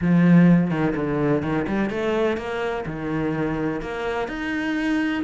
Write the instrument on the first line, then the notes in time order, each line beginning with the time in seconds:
cello
0.01 F3
0.70 D#3
0.95 D3
1.42 D#3
1.67 G3
1.90 A3
2.37 A#3
2.85 D#3
3.81 A#3
4.28 D#4